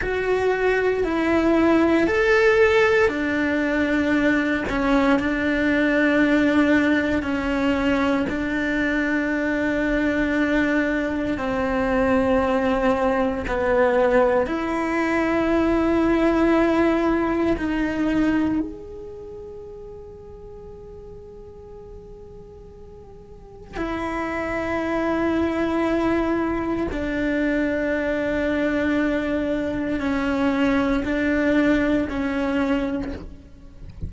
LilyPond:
\new Staff \with { instrumentName = "cello" } { \time 4/4 \tempo 4 = 58 fis'4 e'4 a'4 d'4~ | d'8 cis'8 d'2 cis'4 | d'2. c'4~ | c'4 b4 e'2~ |
e'4 dis'4 gis'2~ | gis'2. e'4~ | e'2 d'2~ | d'4 cis'4 d'4 cis'4 | }